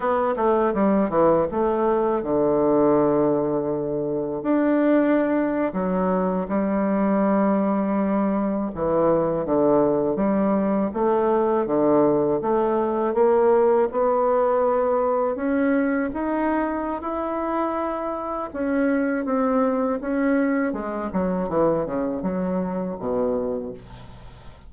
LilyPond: \new Staff \with { instrumentName = "bassoon" } { \time 4/4 \tempo 4 = 81 b8 a8 g8 e8 a4 d4~ | d2 d'4.~ d'16 fis16~ | fis8. g2. e16~ | e8. d4 g4 a4 d16~ |
d8. a4 ais4 b4~ b16~ | b8. cis'4 dis'4~ dis'16 e'4~ | e'4 cis'4 c'4 cis'4 | gis8 fis8 e8 cis8 fis4 b,4 | }